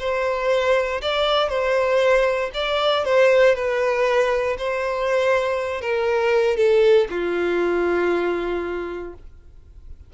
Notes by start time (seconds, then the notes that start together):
0.00 C5
1.02 D5
1.49 C5
2.54 D5
3.05 C5
3.55 B4
4.58 C5
5.82 A#4
6.57 A4
7.10 F4